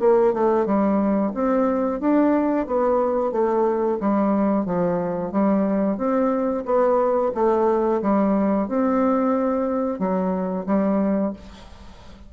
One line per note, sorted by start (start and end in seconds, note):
0.00 0.33 A#3
0.33 0.66 A3
0.66 1.32 G3
1.34 2.00 C4
2.00 2.66 D4
2.66 3.32 B3
3.32 3.98 A3
4.00 4.65 G3
4.65 5.32 F3
5.32 5.98 G3
5.98 6.64 C4
6.65 7.32 B3
7.35 8.01 A3
8.02 8.68 G3
8.68 9.99 C4
9.99 10.65 F#3
10.66 11.33 G3